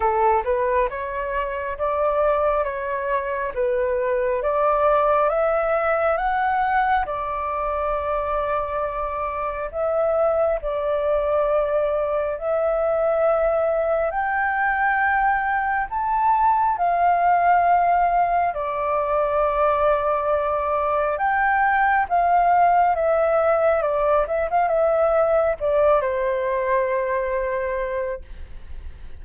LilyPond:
\new Staff \with { instrumentName = "flute" } { \time 4/4 \tempo 4 = 68 a'8 b'8 cis''4 d''4 cis''4 | b'4 d''4 e''4 fis''4 | d''2. e''4 | d''2 e''2 |
g''2 a''4 f''4~ | f''4 d''2. | g''4 f''4 e''4 d''8 e''16 f''16 | e''4 d''8 c''2~ c''8 | }